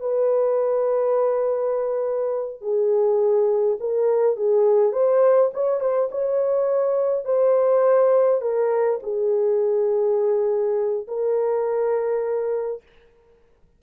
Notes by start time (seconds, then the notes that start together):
0.00 B4
2.61 G#4
3.80 A#4
4.36 G#4
4.92 C5
5.53 C#5
5.80 C5
6.11 C#5
7.25 C5
8.41 A#4
9.03 G#4
11.08 A#4